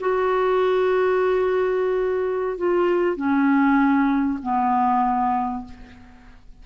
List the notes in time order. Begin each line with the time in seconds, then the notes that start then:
0.00 F#4
2.58 F4
3.16 C#4
4.42 B3